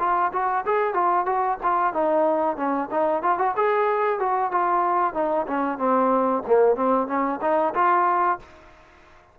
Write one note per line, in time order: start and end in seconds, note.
0.00 0.32 F4
0.33 0.65 F#4
0.66 0.94 G#4
0.94 1.26 F4
1.26 1.58 F#4
1.64 1.94 F4
1.94 2.57 D#4
2.57 2.89 C#4
2.91 3.23 D#4
3.23 3.39 F4
3.39 3.55 F#4
3.57 4.20 G#4
4.20 4.52 F#4
4.52 5.14 F4
5.14 5.47 D#4
5.48 5.79 C#4
5.79 6.43 C4
6.47 6.76 A#3
6.76 7.08 C4
7.08 7.40 C#4
7.42 7.74 D#4
7.75 8.39 F4